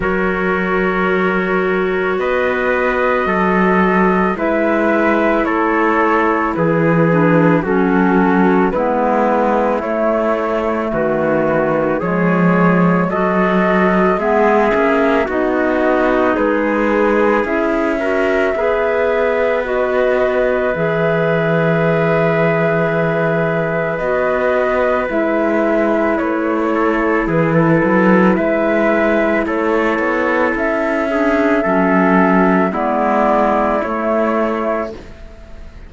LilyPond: <<
  \new Staff \with { instrumentName = "flute" } { \time 4/4 \tempo 4 = 55 cis''2 dis''2 | e''4 cis''4 b'4 a'4 | b'4 cis''4 b'4 cis''4 | dis''4 e''4 dis''4 b'4 |
e''2 dis''4 e''4~ | e''2 dis''4 e''4 | cis''4 b'4 e''4 cis''4 | e''2 d''4 cis''4 | }
  \new Staff \with { instrumentName = "trumpet" } { \time 4/4 ais'2 b'4 a'4 | b'4 a'4 gis'4 fis'4 | e'2 fis'4 gis'4 | a'4 gis'4 fis'4 gis'4~ |
gis'8 ais'8 b'2.~ | b'1~ | b'8 a'8 gis'16 a'8. b'4 a'4~ | a'8 gis'8 a'4 e'2 | }
  \new Staff \with { instrumentName = "clarinet" } { \time 4/4 fis'1 | e'2~ e'8 d'8 cis'4 | b4 a2 gis4 | fis'4 b8 cis'8 dis'2 |
e'8 fis'8 gis'4 fis'4 gis'4~ | gis'2 fis'4 e'4~ | e'1~ | e'8 d'8 cis'4 b4 a4 | }
  \new Staff \with { instrumentName = "cello" } { \time 4/4 fis2 b4 fis4 | gis4 a4 e4 fis4 | gis4 a4 dis4 f4 | fis4 gis8 ais8 b4 gis4 |
cis'4 b2 e4~ | e2 b4 gis4 | a4 e8 fis8 gis4 a8 b8 | cis'4 fis4 gis4 a4 | }
>>